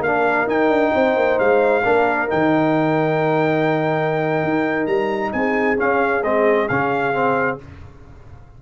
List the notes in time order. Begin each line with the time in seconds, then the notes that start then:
0.00 A#3 D4 A#4 F5
0.46 D#4 G5
0.69 D4
0.94 C4 C5
1.16 A#3
1.39 G#3 F5
1.83 A#3 D4 A#4
2.27 D#3 D#4 G5
4.43 D#4
4.86 G3 A#5
5.32 C4 G#4 G#5
5.77 C#4 F5
6.23 G#3 C4 D#5
6.68 C#3 C#4 F5
7.13 C4